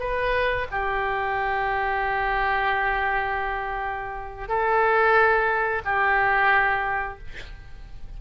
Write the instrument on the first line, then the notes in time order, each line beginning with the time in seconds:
oboe
0.00 B4
0.72 G4
4.49 A4
5.85 G4